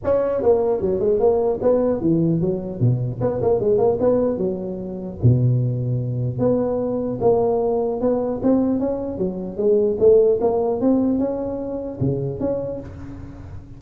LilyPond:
\new Staff \with { instrumentName = "tuba" } { \time 4/4 \tempo 4 = 150 cis'4 ais4 fis8 gis8 ais4 | b4 e4 fis4 b,4 | b8 ais8 gis8 ais8 b4 fis4~ | fis4 b,2. |
b2 ais2 | b4 c'4 cis'4 fis4 | gis4 a4 ais4 c'4 | cis'2 cis4 cis'4 | }